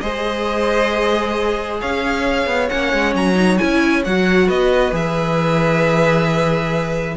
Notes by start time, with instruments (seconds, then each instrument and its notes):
0.00 cello G#3, viola G#4, violin C5 D#5
1.80 cello C#4, violin C#5 F5
2.46 cello B3
2.69 cello A#3, viola C#4, violin F#5
2.93 cello G#3
3.14 cello F#3, violin A#5
3.34 viola D#4
3.57 cello C#4, viola E4, violin G#5
4.04 cello F#3, viola F#4, violin F#5
4.46 cello B3, violin B4 D#5
4.91 cello E3, viola G#4, violin E5